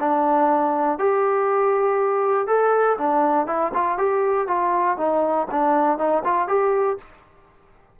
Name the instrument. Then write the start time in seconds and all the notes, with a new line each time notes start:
trombone
0.00 D4
0.99 G4
2.47 A4
2.98 D4
3.47 E4
3.74 F4
3.98 G4
4.47 F4
4.97 D#4
5.51 D4
5.98 D#4
6.24 F4
6.48 G4